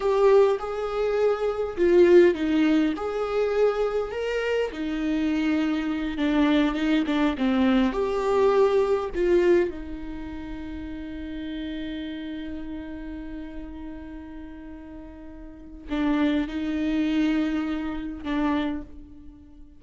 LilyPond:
\new Staff \with { instrumentName = "viola" } { \time 4/4 \tempo 4 = 102 g'4 gis'2 f'4 | dis'4 gis'2 ais'4 | dis'2~ dis'8 d'4 dis'8 | d'8 c'4 g'2 f'8~ |
f'8 dis'2.~ dis'8~ | dis'1~ | dis'2. d'4 | dis'2. d'4 | }